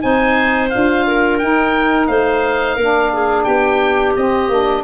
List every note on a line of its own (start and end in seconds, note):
0.00 0.72 C4
0.00 0.69 D#4
0.00 1.06 C5
0.00 0.69 G#5
0.69 1.42 D4
0.69 1.40 F4
0.69 1.38 F5
1.07 2.08 A#4
1.38 2.78 D#4
1.38 2.08 D#4
1.38 2.07 G5
2.07 2.76 A3
2.07 2.76 C5
2.07 3.43 F5
2.76 3.45 A#3
2.76 4.16 D4
2.76 3.10 A#4
3.12 3.45 G#4
3.43 4.16 B3
3.43 4.83 G4
3.43 4.12 G5
4.16 4.50 C4
4.16 4.48 C4
4.16 4.83 D#5
4.48 4.83 A#3
4.48 4.83 D4